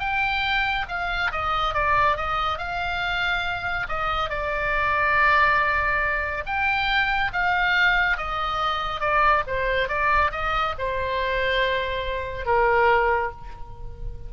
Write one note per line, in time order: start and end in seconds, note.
0.00 0.86 G5
0.89 1.32 F5
1.32 1.75 D#5
1.75 2.17 D5
2.17 2.58 D#5
2.58 3.87 F5
3.89 4.30 D#5
4.30 6.44 D5
6.46 7.32 G5
7.33 8.18 F5
8.18 9.01 D#5
9.01 9.44 D5
9.47 9.89 C5
9.89 10.32 D5
10.32 10.75 D#5
10.79 12.46 C5
12.46 13.32 A#4